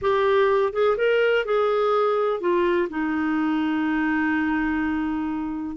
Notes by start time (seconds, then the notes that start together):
0.01 G4
0.72 G#4
0.97 A#4
1.45 G#4
2.40 F4
2.89 D#4